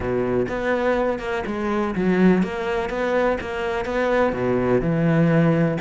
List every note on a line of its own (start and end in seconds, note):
0.00 0.46 B2
0.48 1.19 B3
1.19 1.43 A#3
1.46 1.94 G#3
1.95 2.43 F#3
2.43 2.89 A#3
2.89 3.37 B3
3.40 3.85 A#3
3.85 4.33 B3
4.33 4.81 B2
4.81 5.78 E3